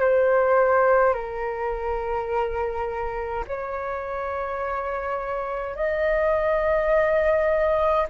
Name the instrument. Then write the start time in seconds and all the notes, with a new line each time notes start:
flute
0.00 C5
1.13 A#4
3.47 C#5
5.75 D#5